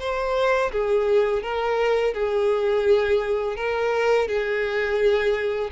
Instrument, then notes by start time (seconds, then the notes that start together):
violin
0.00 C5
0.72 G#4
1.43 A#4
2.14 G#4
3.56 A#4
4.28 G#4